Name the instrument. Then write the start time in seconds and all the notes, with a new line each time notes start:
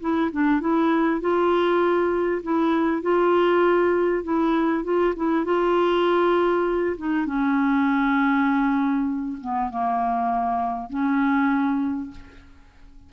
clarinet
0.00 E4
0.31 D4
0.60 E4
1.21 F4
2.42 E4
3.02 F4
4.23 E4
4.84 F4
5.16 E4
5.45 F4
6.97 D#4
7.26 C#4
9.40 B3
9.70 A#3
10.89 C#4